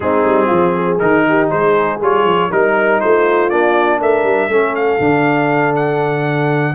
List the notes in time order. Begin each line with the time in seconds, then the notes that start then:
0.00 G#3 C4 D#4 G#4
0.24 G3
0.46 F3 F4
0.75 G#4
0.98 D#3 D#4 A#4
1.28 G4
1.50 G#3 G#4 C5
2.00 G3 F4 C#5
2.24 F3
2.49 G3 D#4 A#4
3.00 A3 F4 C5
3.49 A#3 D4 D5
4.00 A3 A#4 E5
4.23 G3
4.48 A3 C#4 A4
4.75 F5
4.99 D3 D4
5.75 F#5